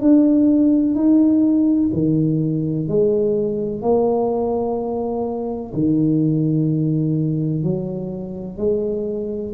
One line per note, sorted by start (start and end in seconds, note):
0.00 0.95 D4
0.95 1.90 D#4
1.93 2.88 D#3
2.88 3.81 G#3
3.81 5.72 A#3
5.74 7.63 D#3
7.63 8.57 F#3
8.57 9.52 G#3